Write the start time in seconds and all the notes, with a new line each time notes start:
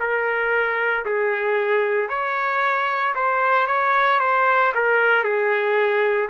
0.00 A#4
1.05 G#4
2.09 C#5
3.15 C5
3.67 C#5
4.20 C5
4.75 A#4
5.24 G#4